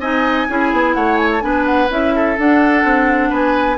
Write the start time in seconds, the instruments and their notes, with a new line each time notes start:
0.00 bassoon C4, clarinet D#4, oboe D#5, flute G#5
0.49 bassoon C#4, clarinet E4, oboe G#4
0.73 bassoon B3
0.94 bassoon A3, oboe C#5, flute F#5
1.17 flute G#5
1.32 flute A5
1.41 bassoon B3, clarinet D4, oboe B4, flute G#5
1.66 flute F#5
1.90 bassoon C#4, clarinet E4, flute E5
2.16 oboe A4
2.38 clarinet D4, bassoon D4, flute F#5
2.84 bassoon C4
3.30 bassoon B3, oboe B4, flute G#5